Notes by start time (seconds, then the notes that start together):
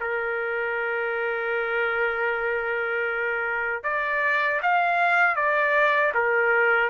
0.00 A#4
3.84 D5
4.62 F5
5.36 D5
6.14 A#4